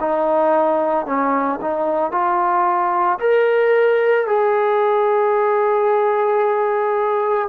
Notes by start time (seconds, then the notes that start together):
0.00 D#4
1.06 C#4
1.61 D#4
2.11 F4
3.19 A#4
4.27 G#4